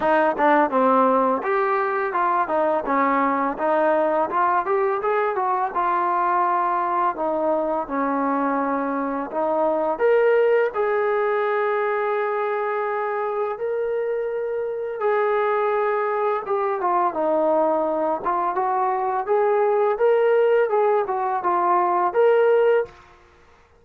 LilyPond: \new Staff \with { instrumentName = "trombone" } { \time 4/4 \tempo 4 = 84 dis'8 d'8 c'4 g'4 f'8 dis'8 | cis'4 dis'4 f'8 g'8 gis'8 fis'8 | f'2 dis'4 cis'4~ | cis'4 dis'4 ais'4 gis'4~ |
gis'2. ais'4~ | ais'4 gis'2 g'8 f'8 | dis'4. f'8 fis'4 gis'4 | ais'4 gis'8 fis'8 f'4 ais'4 | }